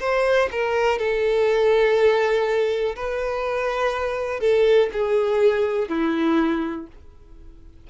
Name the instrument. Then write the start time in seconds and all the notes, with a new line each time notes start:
violin
0.00 C5
0.51 A#4
0.99 A4
2.96 B4
4.40 A4
4.93 G#4
5.88 E4